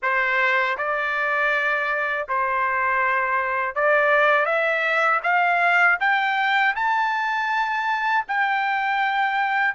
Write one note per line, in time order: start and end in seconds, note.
0.02 0.77 C5
0.77 2.27 D5
2.28 3.75 C5
3.75 4.45 D5
4.45 5.20 E5
5.23 5.98 F5
6.00 6.75 G5
6.75 8.25 A5
8.28 9.74 G5